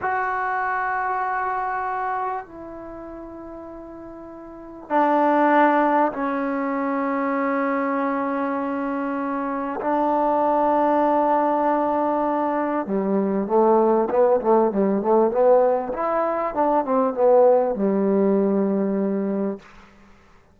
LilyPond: \new Staff \with { instrumentName = "trombone" } { \time 4/4 \tempo 4 = 98 fis'1 | e'1 | d'2 cis'2~ | cis'1 |
d'1~ | d'4 g4 a4 b8 a8 | g8 a8 b4 e'4 d'8 c'8 | b4 g2. | }